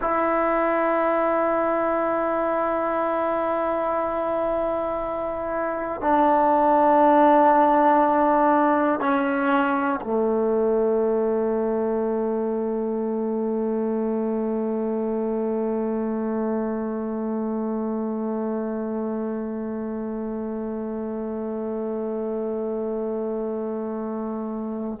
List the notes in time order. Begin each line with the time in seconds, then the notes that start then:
0.00 E4
6.01 D4
9.00 C#4
10.01 A3